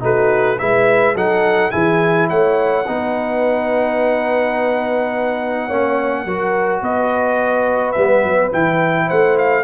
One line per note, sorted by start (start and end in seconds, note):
0.00 0.60 A3
0.00 0.57 D#4
0.00 0.59 F#4
0.00 0.59 B4
0.59 1.15 G#3
0.59 1.16 E4
0.59 1.15 B4
0.59 1.16 E5
1.15 1.72 F#3
1.15 1.72 D#4
1.15 1.72 A4
1.15 1.71 F#5
1.71 2.31 E3
1.71 2.85 E4
1.71 2.29 G#4
1.71 2.28 G#5
2.30 2.87 A3
2.30 2.87 C#5
2.30 6.83 F#5
2.87 5.70 B3
2.87 5.70 D#4
2.87 5.67 B4
5.67 6.25 A#3
5.67 6.27 C#4
5.67 6.24 C#5
6.25 6.82 F#3
6.25 7.96 F#4
6.25 6.82 A#4
6.82 7.95 B3
6.82 9.08 B4
6.82 7.92 D#5
7.92 8.24 G3
7.92 8.52 B3
7.92 8.49 E5
8.24 8.52 F#3
8.52 9.10 E3
8.52 9.64 E4
8.52 9.10 G5
9.08 9.64 A3
9.08 9.64 C5
9.08 9.38 F#5
9.38 9.64 F5